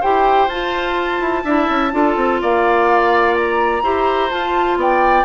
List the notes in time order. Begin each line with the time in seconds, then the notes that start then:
0.00 E4 G4 C5 G5
0.47 F4 A5
1.20 E4
1.44 D4 E4 E5
1.69 C#4
1.91 D4 F4 A4
2.16 C4
2.41 A#3 D5 F5
3.35 A#5
3.82 E4 G4 C5
4.30 F4 A5
4.76 B3 D5 G5